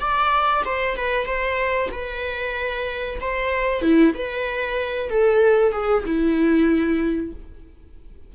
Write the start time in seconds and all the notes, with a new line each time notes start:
0.00 D5
0.65 C5
0.97 B4
1.26 C5
1.92 B4
3.21 C5
3.82 E4
4.15 B4
5.10 A4
5.73 G#4
6.06 E4